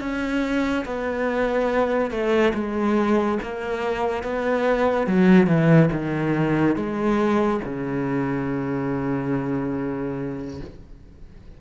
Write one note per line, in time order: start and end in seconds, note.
0.00 0.85 C#4
0.85 2.10 B3
2.10 2.53 A3
2.54 3.38 G#3
3.42 4.23 A#3
4.23 5.07 B3
5.07 5.47 F#3
5.47 5.89 E3
5.92 6.76 D#3
6.76 7.60 G#3
7.64 10.60 C#3